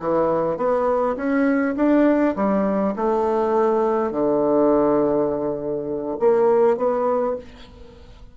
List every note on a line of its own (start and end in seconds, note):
0.00 0.57 E3
0.57 1.16 B3
1.16 1.75 C#4
1.77 2.36 D4
2.36 2.95 G3
2.96 4.12 A3
4.12 6.18 D3
6.20 6.78 A#3
6.78 7.36 B3